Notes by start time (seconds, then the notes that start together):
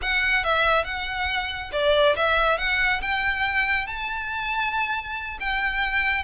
0.02 F#5
0.44 E5
0.84 F#5
1.72 D5
2.15 E5
2.58 F#5
3.01 G5
3.86 A5
5.40 G5